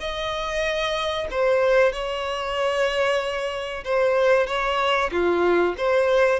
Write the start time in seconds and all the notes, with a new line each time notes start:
0.00 D#5
1.31 C5
1.92 C#5
3.84 C5
4.47 C#5
5.11 F4
5.77 C5